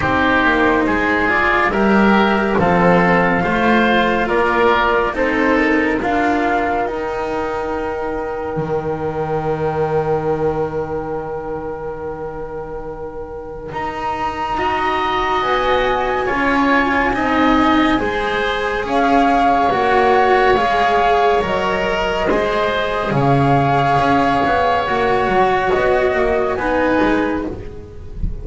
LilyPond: <<
  \new Staff \with { instrumentName = "flute" } { \time 4/4 \tempo 4 = 70 c''4. d''8 e''4 f''4~ | f''4 d''4 c''8 ais'8 f''4 | g''1~ | g''1 |
ais''2 gis''2~ | gis''2 f''4 fis''4 | f''4 dis''2 f''4~ | f''4 fis''4 dis''4 gis''4 | }
  \new Staff \with { instrumentName = "oboe" } { \time 4/4 g'4 gis'4 ais'4 a'4 | c''4 ais'4 a'4 ais'4~ | ais'1~ | ais'1~ |
ais'4 dis''2 cis''4 | dis''4 c''4 cis''2~ | cis''2 c''4 cis''4~ | cis''2. b'4 | }
  \new Staff \with { instrumentName = "cello" } { \time 4/4 dis'4. f'8 g'4 c'4 | f'2 dis'4 f'4 | dis'1~ | dis'1~ |
dis'4 fis'2 f'4 | dis'4 gis'2 fis'4 | gis'4 ais'4 gis'2~ | gis'4 fis'2 dis'4 | }
  \new Staff \with { instrumentName = "double bass" } { \time 4/4 c'8 ais8 gis4 g4 f4 | a4 ais4 c'4 d'4 | dis'2 dis2~ | dis1 |
dis'2 b4 cis'4 | c'4 gis4 cis'4 ais4 | gis4 fis4 gis4 cis4 | cis'8 b8 ais8 fis8 b8 ais8 b8 gis8 | }
>>